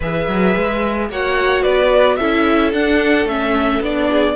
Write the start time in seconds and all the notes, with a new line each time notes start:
0.00 E3 G#4 B4 E5
0.27 F#3
0.56 G#3
1.09 A#3 F#4 C#5 F#5
1.62 B3 B4 D5
2.16 C#4 E4 A4 E5
2.73 D4 F#5
3.25 A3 C#4 E5
3.80 B3 D4 D5
4.11 G#4